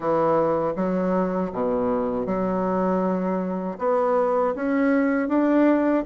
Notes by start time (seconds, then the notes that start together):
0.00 E3
0.76 F#3
1.52 B2
2.26 F#3
3.78 B3
4.55 C#4
5.28 D4